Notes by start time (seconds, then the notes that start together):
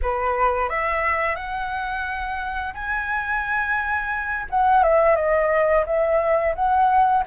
0.02 B4
0.69 E5
1.35 F#5
2.73 G#5
4.50 F#5
4.83 E5
5.15 D#5
5.86 E5
6.55 F#5